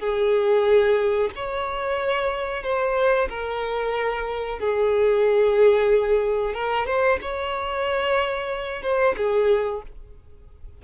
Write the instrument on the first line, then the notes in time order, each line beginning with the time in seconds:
violin
0.00 G#4
1.35 C#5
2.63 C5
3.29 A#4
4.59 G#4
6.54 A#4
6.86 C5
7.22 C#5
8.83 C5
9.17 G#4